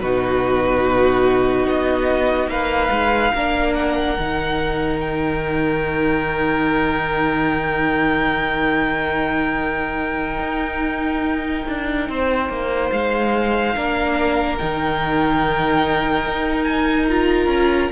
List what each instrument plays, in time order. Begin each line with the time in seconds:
0.00 cello B2, viola D#4, violin F#4 B4
1.67 cello B3, violin D#5
2.47 cello A#3, violin B4 F5
2.91 cello G#3
3.35 cello A#3, viola D4, violin A#4
3.75 violin F#5
4.19 cello D#3, viola D#4
5.01 violin G5
10.40 cello D#4
11.68 cello D4
12.09 cello C4, violin C5
12.49 cello A#3
12.92 cello G#3, violin F5
13.76 cello A#3, viola D4, violin A#4
14.58 cello D#3, viola D#4, violin G5
16.27 cello D#4
16.64 violin G#5
17.09 viola F4, violin A#5
17.47 cello C#4